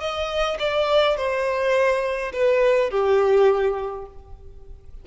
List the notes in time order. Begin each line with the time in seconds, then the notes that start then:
0.00 D#5
0.59 D5
1.17 C5
2.33 B4
2.90 G4